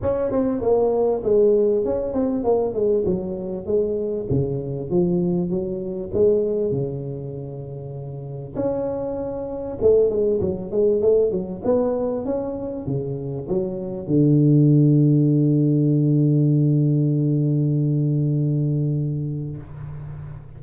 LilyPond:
\new Staff \with { instrumentName = "tuba" } { \time 4/4 \tempo 4 = 98 cis'8 c'8 ais4 gis4 cis'8 c'8 | ais8 gis8 fis4 gis4 cis4 | f4 fis4 gis4 cis4~ | cis2 cis'2 |
a8 gis8 fis8 gis8 a8 fis8 b4 | cis'4 cis4 fis4 d4~ | d1~ | d1 | }